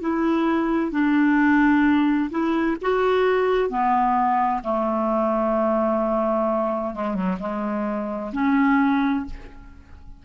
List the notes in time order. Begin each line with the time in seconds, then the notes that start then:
0.00 E4
0.91 D4
2.30 E4
2.81 F#4
3.69 B3
4.63 A3
6.94 G#3
7.14 F#3
7.39 G#3
8.32 C#4